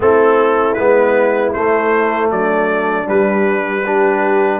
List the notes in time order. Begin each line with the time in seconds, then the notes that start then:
0.00 A3 C4 E4 A4
0.74 G#3 B3 B4
1.53 A3 C5
2.30 F#3 D4 D5
3.05 G3 B4
3.83 D4 G4